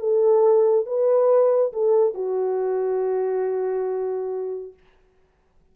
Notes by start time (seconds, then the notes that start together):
0.00 A4
0.87 B4
1.73 A4
2.15 F#4